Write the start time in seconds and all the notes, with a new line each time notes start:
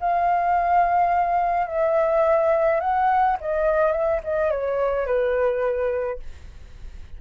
0.00 F5
1.66 E5
2.80 F#5
3.40 D#5
3.91 E5
4.23 D#5
4.50 C#5
5.06 B4